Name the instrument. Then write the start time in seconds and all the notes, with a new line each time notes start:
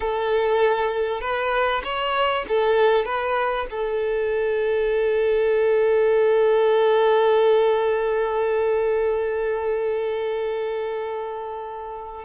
violin
0.00 A4
1.21 B4
1.83 C#5
2.48 A4
3.05 B4
3.70 A4